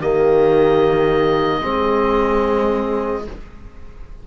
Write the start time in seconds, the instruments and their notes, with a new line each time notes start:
0.00 cello D#3, trombone A#3, horn G4, oboe D#5
1.61 cello G#3, trombone C4, horn G#4